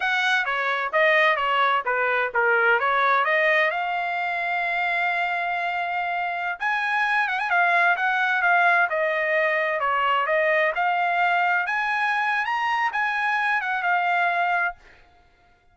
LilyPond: \new Staff \with { instrumentName = "trumpet" } { \time 4/4 \tempo 4 = 130 fis''4 cis''4 dis''4 cis''4 | b'4 ais'4 cis''4 dis''4 | f''1~ | f''2~ f''16 gis''4. fis''16 |
gis''16 f''4 fis''4 f''4 dis''8.~ | dis''4~ dis''16 cis''4 dis''4 f''8.~ | f''4~ f''16 gis''4.~ gis''16 ais''4 | gis''4. fis''8 f''2 | }